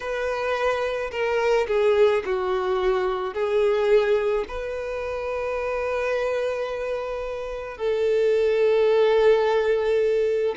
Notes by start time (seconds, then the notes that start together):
0.00 B4
1.11 A#4
1.67 G#4
2.25 F#4
3.33 G#4
4.47 B4
7.77 A4